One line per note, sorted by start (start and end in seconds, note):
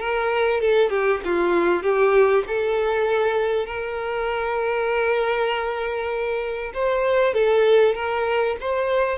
0.00 0.61 A#4
0.61 0.90 A4
0.90 1.21 G4
1.25 1.83 F4
1.83 2.44 G4
2.48 3.67 A4
3.67 6.73 A#4
6.74 7.34 C5
7.34 7.95 A4
7.96 8.57 A#4
8.61 9.19 C5